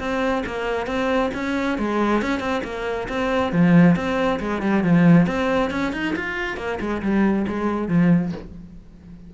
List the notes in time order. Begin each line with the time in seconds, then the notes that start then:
0.00 C4
0.47 A#3
0.87 C4
1.35 C#4
1.79 G#3
2.22 C#4
2.40 C4
2.64 A#3
3.09 C4
3.53 F3
3.96 C4
4.40 G#3
4.62 G3
4.84 F3
5.27 C4
5.71 C#4
5.93 D#4
6.16 F4
6.57 A#3
6.80 G#3
7.03 G3
7.48 G#3
7.89 F3